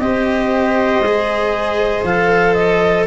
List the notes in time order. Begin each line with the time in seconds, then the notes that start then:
0.00 C4 G4 C5 D#5
1.00 G#3 G#4
2.04 F3 A4 F5
2.54 D#5